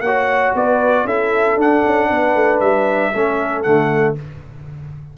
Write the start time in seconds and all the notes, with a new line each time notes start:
0.00 A#3 F#4 C#5 F#5
0.54 B3 B4 D5
1.04 C#4 E4 A4 E5
1.56 D4 F#5
1.85 C#4
2.08 B3 B4
2.34 A3
2.59 G3 E5
3.13 A3 C#4 A4
3.62 D3 A3 F#5